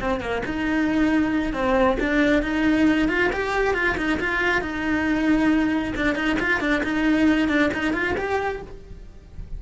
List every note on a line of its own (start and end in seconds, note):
0.00 0.20 C4
0.20 0.42 A#3
0.46 1.53 D#4
1.53 1.97 C4
1.99 2.42 D4
2.42 3.08 D#4
3.08 3.30 F4
3.32 3.74 G4
3.74 3.96 F4
3.97 4.19 D#4
4.20 4.61 F4
4.61 5.93 D#4
5.96 6.15 D4
6.15 6.37 D#4
6.39 6.60 F4
6.60 6.82 D4
6.83 7.48 D#4
7.48 7.70 D4
7.73 7.93 D#4
7.93 8.15 F4
8.17 8.61 G4